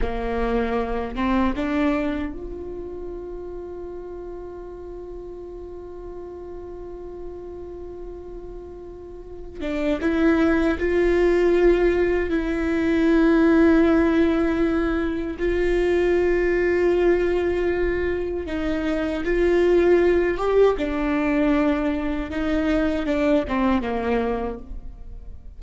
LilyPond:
\new Staff \with { instrumentName = "viola" } { \time 4/4 \tempo 4 = 78 ais4. c'8 d'4 f'4~ | f'1~ | f'1~ | f'8 d'8 e'4 f'2 |
e'1 | f'1 | dis'4 f'4. g'8 d'4~ | d'4 dis'4 d'8 c'8 ais4 | }